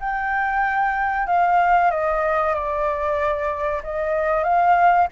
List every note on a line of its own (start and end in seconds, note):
0.00 1.27 G5
1.27 1.91 F5
1.91 2.54 D#5
2.54 3.82 D5
3.83 4.44 D#5
4.44 5.07 F5